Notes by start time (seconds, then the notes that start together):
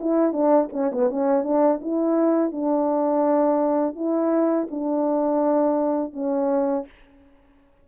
0.00 E4
0.32 D4
0.73 C#4
0.91 B3
1.10 C#4
1.43 D4
1.81 E4
2.51 D4
3.95 E4
4.70 D4
6.13 C#4